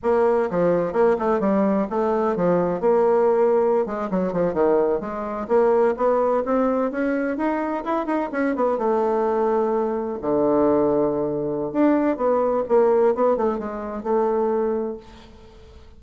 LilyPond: \new Staff \with { instrumentName = "bassoon" } { \time 4/4 \tempo 4 = 128 ais4 f4 ais8 a8 g4 | a4 f4 ais2~ | ais16 gis8 fis8 f8 dis4 gis4 ais16~ | ais8. b4 c'4 cis'4 dis'16~ |
dis'8. e'8 dis'8 cis'8 b8 a4~ a16~ | a4.~ a16 d2~ d16~ | d4 d'4 b4 ais4 | b8 a8 gis4 a2 | }